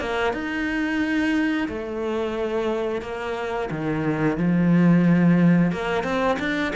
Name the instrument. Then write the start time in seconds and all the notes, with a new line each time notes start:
cello
0.00 A#3
0.33 D#4
1.68 A3
3.02 A#3
3.71 D#3
4.37 F3
5.72 A#3
6.03 C4
6.39 D4